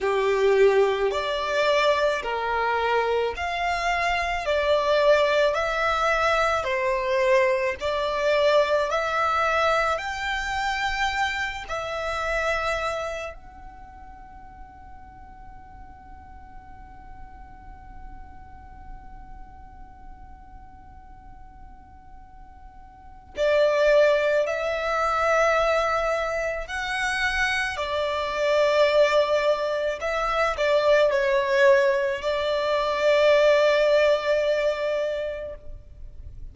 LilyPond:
\new Staff \with { instrumentName = "violin" } { \time 4/4 \tempo 4 = 54 g'4 d''4 ais'4 f''4 | d''4 e''4 c''4 d''4 | e''4 g''4. e''4. | fis''1~ |
fis''1~ | fis''4 d''4 e''2 | fis''4 d''2 e''8 d''8 | cis''4 d''2. | }